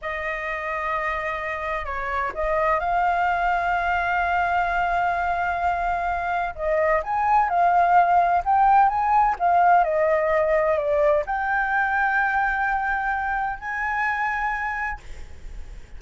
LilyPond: \new Staff \with { instrumentName = "flute" } { \time 4/4 \tempo 4 = 128 dis''1 | cis''4 dis''4 f''2~ | f''1~ | f''2 dis''4 gis''4 |
f''2 g''4 gis''4 | f''4 dis''2 d''4 | g''1~ | g''4 gis''2. | }